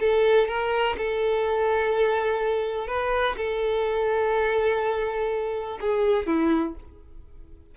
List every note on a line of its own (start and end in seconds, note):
0.00 0.48 A4
0.48 0.96 A#4
0.98 2.88 A4
2.88 3.36 B4
3.37 5.79 A4
5.81 6.27 G#4
6.27 6.75 E4